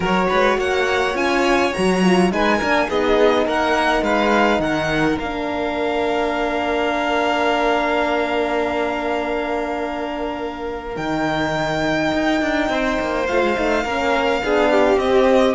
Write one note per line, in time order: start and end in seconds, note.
0.00 0.28 F#3
0.00 1.14 F#4
0.00 0.27 A#4
0.00 0.59 C#5
0.28 0.57 G#3
0.28 0.57 B4
0.57 1.14 A#3
0.57 2.31 C#5
0.57 1.16 F#5
1.14 1.72 C#4
1.14 1.72 F4
1.14 1.73 G#5
1.72 2.31 F#3
1.72 2.01 F#4
1.72 2.31 A#5
2.03 2.31 F4
2.31 2.60 G#3
2.31 2.60 D#4
2.31 2.58 B4
2.31 2.89 G#5
2.58 2.89 A#3
2.58 2.88 D4
2.58 2.86 A#4
2.88 3.46 B3
2.88 5.18 D#4
2.88 3.46 G#4
2.88 3.47 D#5
3.46 4.02 A#3
3.46 4.03 A#4
3.46 4.03 F#5
4.02 4.59 G#3
4.02 4.61 B4
4.02 4.60 F5
4.59 5.16 D#3
4.59 12.70 A#4
4.59 5.18 F#5
5.19 10.96 A#3
5.19 10.95 D4
5.19 10.96 F5
10.95 12.12 D#3
10.95 13.26 D#4
10.95 13.26 G5
12.13 12.41 D#4
12.41 12.69 D4
12.69 12.97 C4
12.69 13.83 C5
13.00 13.29 A#3
13.26 13.42 A3
13.26 13.55 F4
13.26 14.98 F5
13.42 13.56 G#3
13.55 13.84 A3
13.55 13.84 D#4
13.83 14.42 A#3
13.83 14.41 C#4
13.83 14.41 A#4
14.41 14.96 B3
14.41 14.99 D4
14.41 14.71 G#4
14.71 15.55 G4
14.96 15.54 C4
14.96 15.55 C4
14.96 15.55 D#5